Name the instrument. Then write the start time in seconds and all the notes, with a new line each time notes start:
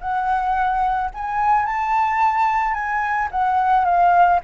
flute
0.00 F#5
1.14 G#5
1.65 A5
2.73 G#5
3.31 F#5
3.85 F5